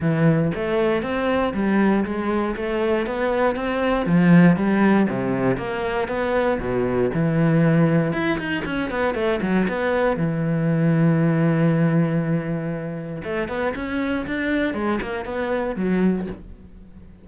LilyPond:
\new Staff \with { instrumentName = "cello" } { \time 4/4 \tempo 4 = 118 e4 a4 c'4 g4 | gis4 a4 b4 c'4 | f4 g4 c4 ais4 | b4 b,4 e2 |
e'8 dis'8 cis'8 b8 a8 fis8 b4 | e1~ | e2 a8 b8 cis'4 | d'4 gis8 ais8 b4 fis4 | }